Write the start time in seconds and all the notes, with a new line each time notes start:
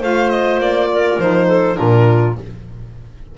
0.00 A3 F4 C5 F5
0.30 D#5
0.59 A#3 D5
0.92 A#4
1.19 F3 D#4 C5
1.47 A4
1.76 A#2 D4 F4 A#4